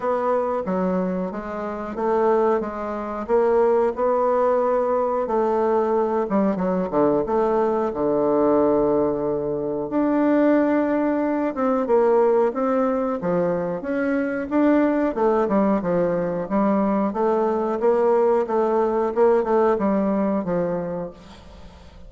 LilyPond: \new Staff \with { instrumentName = "bassoon" } { \time 4/4 \tempo 4 = 91 b4 fis4 gis4 a4 | gis4 ais4 b2 | a4. g8 fis8 d8 a4 | d2. d'4~ |
d'4. c'8 ais4 c'4 | f4 cis'4 d'4 a8 g8 | f4 g4 a4 ais4 | a4 ais8 a8 g4 f4 | }